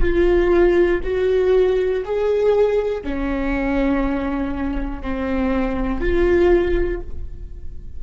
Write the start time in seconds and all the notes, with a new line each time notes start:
0.00 F4
1.03 F#4
2.05 G#4
3.03 C#4
5.01 C4
6.00 F4